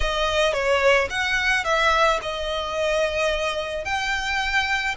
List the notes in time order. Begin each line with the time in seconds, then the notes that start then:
0.00 D#5
0.53 C#5
1.10 F#5
1.64 E5
2.22 D#5
3.85 G5